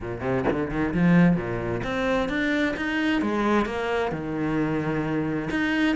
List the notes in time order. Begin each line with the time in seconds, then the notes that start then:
0.00 A#2
0.21 C3
0.50 D3
0.70 D#3
0.94 F3
1.36 A#2
1.83 C4
2.29 D4
2.76 D#4
3.21 G#3
3.65 A#3
4.11 D#3
5.50 D#4